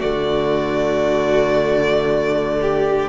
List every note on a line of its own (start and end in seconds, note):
0.00 3.09 D3
0.00 3.09 A3
0.00 2.59 F#4
0.00 3.09 D5
2.61 3.09 G4